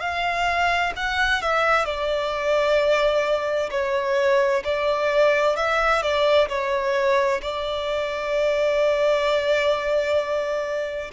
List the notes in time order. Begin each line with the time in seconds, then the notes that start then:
0.00 F5
0.96 F#5
1.41 E5
1.85 D5
3.70 C#5
4.64 D5
5.56 E5
6.02 D5
6.48 C#5
7.41 D5